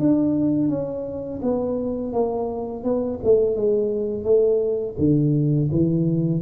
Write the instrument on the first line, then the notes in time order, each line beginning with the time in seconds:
tuba
0.00 D4
0.69 C#4
1.43 B3
2.13 A#3
2.84 B3
3.24 A3
3.56 G#3
4.24 A3
4.99 D3
5.72 E3